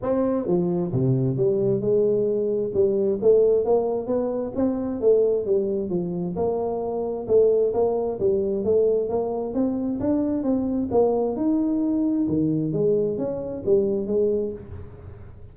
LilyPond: \new Staff \with { instrumentName = "tuba" } { \time 4/4 \tempo 4 = 132 c'4 f4 c4 g4 | gis2 g4 a4 | ais4 b4 c'4 a4 | g4 f4 ais2 |
a4 ais4 g4 a4 | ais4 c'4 d'4 c'4 | ais4 dis'2 dis4 | gis4 cis'4 g4 gis4 | }